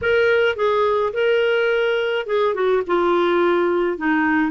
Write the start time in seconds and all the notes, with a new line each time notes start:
0.01 A#4
0.56 G#4
1.13 A#4
2.26 G#4
2.54 F#4
2.86 F4
3.97 D#4